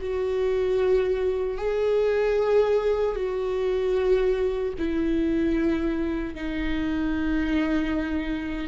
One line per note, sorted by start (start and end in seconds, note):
0.00 1.58 F#4
1.58 3.15 G#4
3.15 4.73 F#4
4.78 6.35 E4
6.35 8.67 D#4